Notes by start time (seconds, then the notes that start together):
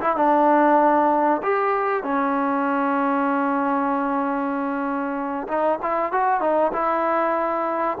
0.00 E4
0.16 D4
1.42 G4
2.03 C#4
5.47 D#4
5.82 E4
6.12 F#4
6.40 D#4
6.72 E4